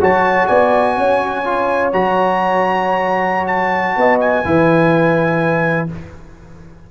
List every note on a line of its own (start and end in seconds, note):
0.00 0.48 F#3
0.00 1.44 F#4
0.00 0.47 C#5
0.00 0.47 A5
0.47 0.97 B3
0.47 0.95 D5
0.47 1.91 G#5
0.96 1.93 C#4
0.96 3.97 C#5
1.44 1.92 F4
1.92 3.96 F#3
1.92 4.44 F#4
1.92 3.47 A#5
3.47 4.19 A5
3.96 4.44 B3
3.96 4.46 D#5
4.20 5.88 G#5
4.44 5.89 E3
4.44 5.88 E4
4.44 5.91 B4